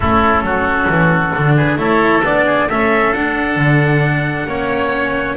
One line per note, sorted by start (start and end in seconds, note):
0.00 0.42 A3
0.00 1.35 C#4
0.00 0.43 E4
0.00 1.56 A4
0.42 0.86 F#3
0.42 1.56 F#4
0.89 1.33 E3
1.35 1.76 D3
1.35 1.77 D4
1.56 1.78 G#4
1.56 1.79 B4
1.76 2.21 A3
1.76 2.22 E4
1.76 2.45 A4
1.76 2.24 C#5
2.23 2.68 B3
2.23 2.69 D4
2.23 2.69 D5
2.45 2.68 G#4
2.68 3.14 A3
2.68 3.15 C#4
2.68 4.47 A4
2.68 3.13 E5
3.13 3.56 D4
3.13 4.48 D4
3.13 5.37 F#5
3.56 4.45 D3
4.47 5.36 A#3
4.47 5.37 C#4
4.47 5.37 C#5